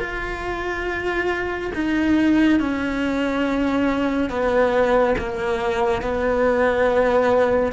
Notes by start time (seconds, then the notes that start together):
0.00 F4
1.75 D#4
2.60 C#4
4.30 B3
5.18 A#3
6.02 B3